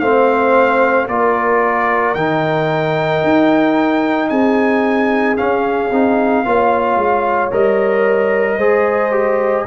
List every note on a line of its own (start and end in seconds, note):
0.00 1.08 A3
0.00 1.08 C4
0.00 1.09 C5
0.00 1.07 F5
1.08 2.15 A#3
1.08 2.16 F4
1.08 4.30 A#4
1.08 2.15 D5
2.15 3.22 D#3
2.15 5.37 D#4
2.15 4.29 G5
3.24 4.31 D#4
4.29 5.38 C4
4.29 6.44 G#4
4.29 5.36 G#5
5.37 5.91 C#4
5.37 7.52 F5
5.91 6.44 C4
5.91 6.46 D#4
6.46 6.96 A#3
6.46 7.52 F4
6.46 8.58 C#5
6.96 7.50 G#3
7.52 8.58 G3
7.52 8.59 A#4
7.52 9.67 D#5
8.58 9.65 G#3
8.58 9.12 G#4
8.58 9.65 C5
9.12 9.65 G4